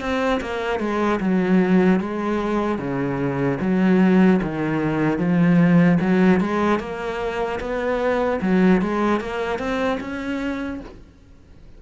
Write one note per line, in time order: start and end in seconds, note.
0.00 0.40 C4
0.40 0.79 A#3
0.79 1.19 G#3
1.20 2.00 F#3
2.00 2.78 G#3
2.78 3.58 C#3
3.60 4.40 F#3
4.42 5.18 D#3
5.18 5.98 F3
6.00 6.40 F#3
6.40 6.79 G#3
6.79 7.59 A#3
7.60 8.40 B3
8.41 8.81 F#3
8.81 9.20 G#3
9.20 9.59 A#3
9.59 9.99 C4
10.00 10.80 C#4